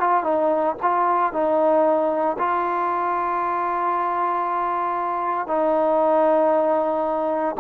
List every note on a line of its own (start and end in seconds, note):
0.00 0.23 F4
0.23 0.76 D#4
0.82 1.33 F4
1.33 2.37 D#4
2.38 5.47 F4
5.47 7.56 D#4